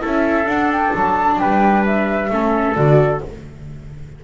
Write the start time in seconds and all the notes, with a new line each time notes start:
0.00 C#4 E4 A4
0.06 E5
0.45 D4 F#5
0.72 G5
0.95 F#3 A5
1.39 G3 B4 G5
1.85 E5
2.30 A3 C#4 A4
2.75 D3 F#4 D5